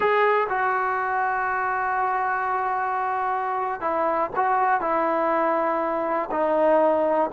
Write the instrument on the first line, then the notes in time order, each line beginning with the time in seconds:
trombone
0.00 G#4
0.49 F#4
3.80 E4
4.35 F#4
4.80 E4
6.31 D#4